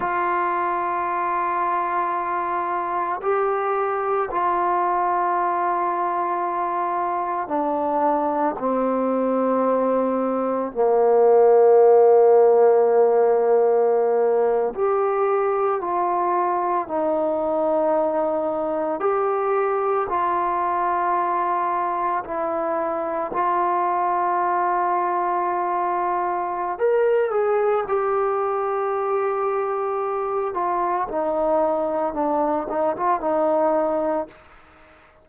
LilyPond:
\new Staff \with { instrumentName = "trombone" } { \time 4/4 \tempo 4 = 56 f'2. g'4 | f'2. d'4 | c'2 ais2~ | ais4.~ ais16 g'4 f'4 dis'16~ |
dis'4.~ dis'16 g'4 f'4~ f'16~ | f'8. e'4 f'2~ f'16~ | f'4 ais'8 gis'8 g'2~ | g'8 f'8 dis'4 d'8 dis'16 f'16 dis'4 | }